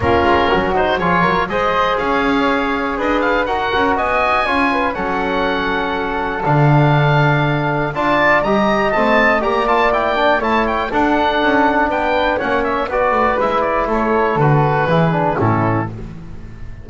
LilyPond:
<<
  \new Staff \with { instrumentName = "oboe" } { \time 4/4 \tempo 4 = 121 ais'4. c''8 cis''4 dis''4 | f''2 dis''8 f''8 fis''4 | gis''2 fis''2~ | fis''4 f''2. |
a''4 ais''4 a''4 ais''8 a''8 | g''4 a''8 g''8 fis''2 | g''4 fis''8 e''8 d''4 e''8 d''8 | cis''4 b'2 a'4 | }
  \new Staff \with { instrumentName = "flute" } { \time 4/4 f'4 fis'4 gis'8 ais'8 c''4 | cis''2 b'4 ais'4 | dis''4 cis''8 b'8 a'2~ | a'1 |
d''4 dis''2 d''4~ | d''4 cis''4 a'2 | b'4 cis''4 b'2 | a'2 gis'4 e'4 | }
  \new Staff \with { instrumentName = "trombone" } { \time 4/4 cis'4. dis'8 f'4 gis'4~ | gis'2. fis'4~ | fis'4 f'4 cis'2~ | cis'4 d'2. |
f'4 g'4 c'4 g'8 f'8 | e'8 d'8 e'4 d'2~ | d'4 cis'4 fis'4 e'4~ | e'4 fis'4 e'8 d'8 cis'4 | }
  \new Staff \with { instrumentName = "double bass" } { \time 4/4 ais8 gis8 fis4 f8 fis8 gis4 | cis'2 d'4 dis'8 cis'8 | b4 cis'4 fis2~ | fis4 d2. |
d'4 g4 a4 ais4~ | ais4 a4 d'4 cis'4 | b4 ais4 b8 a8 gis4 | a4 d4 e4 a,4 | }
>>